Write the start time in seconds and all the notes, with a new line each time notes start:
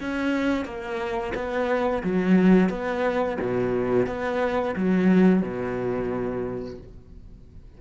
0.00 C#4
0.65 A#3
1.34 B3
2.03 F#3
2.69 B3
3.40 B2
4.07 B3
4.76 F#3
5.42 B2